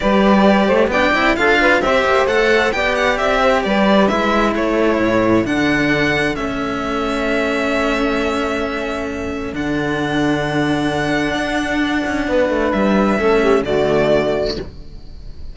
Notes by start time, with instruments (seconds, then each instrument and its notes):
0.00 cello G3 G4, saxophone B4, violin D5
0.66 cello A3, saxophone C5
0.87 cello B3 D4, saxophone D5, violin G5
1.12 cello C4 E4
1.36 cello D4 F4, saxophone A4, violin F5
1.60 saxophone B4
1.81 cello C4 G4, saxophone C5, violin E5
2.05 cello A#3
2.25 cello A3 A4, violin F#5
2.71 cello B3 G4, saxophone D5, violin G5
2.95 violin F#5
3.17 cello C4, violin E5
3.41 saxophone C5
3.63 cello G3, saxophone B4, violin D5
4.07 cello G#3 E4, violin E5
4.53 cello A3, saxophone A4, violin C#5
4.98 cello A2
5.45 cello D3 D4, violin F#5
6.35 cello A3 C#4, violin E5
9.53 cello D3 D4, violin F#5
11.34 cello D4
12.06 cello C#4
12.27 cello B3, saxophone B4
12.49 cello A3
12.72 cello G3, violin E5
13.18 cello A3 C#4, saxophone A4
13.41 saxophone G4
13.61 cello D3 A3, saxophone F#4, violin D5